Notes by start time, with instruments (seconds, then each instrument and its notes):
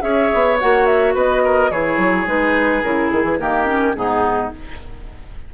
0.00 bassoon C#4, clarinet G#4, oboe C#5, flute E5
0.34 bassoon B3
0.59 bassoon A#3, clarinet F#4, flute F#5
0.86 flute E5
1.14 bassoon B3, oboe B4, flute D#5
1.44 oboe A#4
1.70 bassoon E3, clarinet E4, oboe G#4, flute C#5
1.97 bassoon F#3
2.26 bassoon G#3, clarinet D#4, flute B4
2.82 bassoon C#3, clarinet E4, flute A#4
3.10 bassoon D#3, flute G#4
3.24 bassoon E3
3.39 bassoon D#3, clarinet A#3, oboe G4, flute A#4
3.66 clarinet C#4
3.95 bassoon G#2, clarinet B3, oboe D#4, flute G#4